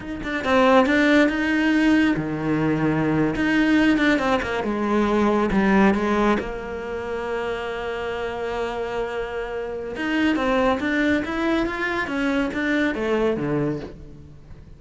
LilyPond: \new Staff \with { instrumentName = "cello" } { \time 4/4 \tempo 4 = 139 dis'8 d'8 c'4 d'4 dis'4~ | dis'4 dis2~ dis8. dis'16~ | dis'4~ dis'16 d'8 c'8 ais8 gis4~ gis16~ | gis8. g4 gis4 ais4~ ais16~ |
ais1~ | ais2. dis'4 | c'4 d'4 e'4 f'4 | cis'4 d'4 a4 d4 | }